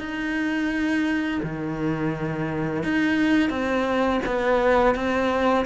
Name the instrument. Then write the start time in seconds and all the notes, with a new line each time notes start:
cello
0.00 D#4
1.43 D#3
2.84 D#4
3.50 C4
4.26 B3
4.95 C4